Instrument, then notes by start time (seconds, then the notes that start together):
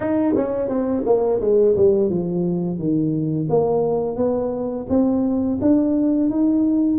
tuba
0.00 D#4
0.36 C#4
0.68 C4
1.05 A#3
1.40 G#3
1.76 G3
2.09 F3
2.78 D#3
3.49 A#3
4.16 B3
4.89 C4
5.61 D4
6.30 D#4